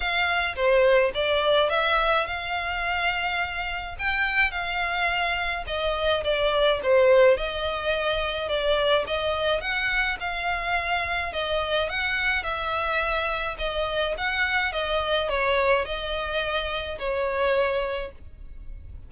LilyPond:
\new Staff \with { instrumentName = "violin" } { \time 4/4 \tempo 4 = 106 f''4 c''4 d''4 e''4 | f''2. g''4 | f''2 dis''4 d''4 | c''4 dis''2 d''4 |
dis''4 fis''4 f''2 | dis''4 fis''4 e''2 | dis''4 fis''4 dis''4 cis''4 | dis''2 cis''2 | }